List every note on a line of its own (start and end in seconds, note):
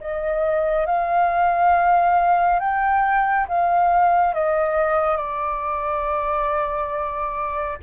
0.00 0.86 D#5
0.86 2.60 F5
2.60 3.47 G5
3.48 4.34 F5
4.34 5.17 D#5
5.17 7.78 D5